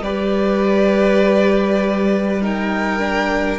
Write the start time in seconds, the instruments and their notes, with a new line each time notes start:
0.00 cello G3, viola G4, violin B4 D5
2.42 viola D#4, violin A#4 G5
2.99 viola D4